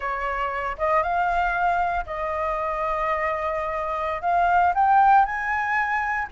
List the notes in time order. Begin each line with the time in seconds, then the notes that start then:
0.00 C#5
0.78 D#5
1.02 F5
2.05 D#5
4.21 F5
4.74 G5
5.25 G#5